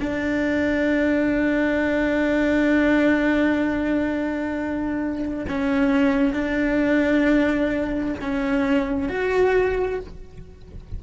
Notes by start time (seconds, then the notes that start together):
0.00 D4
5.48 C#4
6.33 D4
8.21 C#4
9.09 F#4